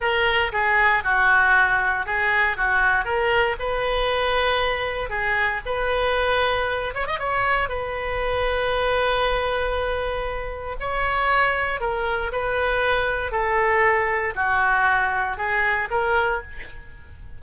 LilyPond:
\new Staff \with { instrumentName = "oboe" } { \time 4/4 \tempo 4 = 117 ais'4 gis'4 fis'2 | gis'4 fis'4 ais'4 b'4~ | b'2 gis'4 b'4~ | b'4. cis''16 dis''16 cis''4 b'4~ |
b'1~ | b'4 cis''2 ais'4 | b'2 a'2 | fis'2 gis'4 ais'4 | }